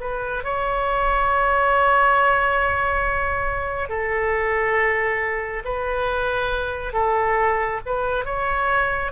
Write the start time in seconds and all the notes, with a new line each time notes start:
0.00 B4
0.43 C#5
3.89 A4
5.64 B4
6.93 A4
7.85 B4
8.25 C#5